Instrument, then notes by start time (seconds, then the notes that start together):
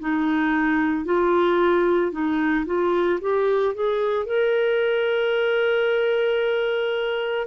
clarinet
0.00 D#4
1.05 F4
2.12 D#4
2.66 F4
3.21 G4
3.75 G#4
4.26 A#4